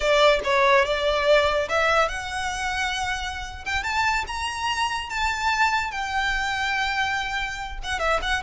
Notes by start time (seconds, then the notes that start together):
0.00 D5
0.44 C#5
0.85 D5
1.68 E5
2.08 F#5
3.65 G5
3.83 A5
4.27 A#5
5.09 A5
5.91 G5
7.83 F#5
7.99 E5
8.22 F#5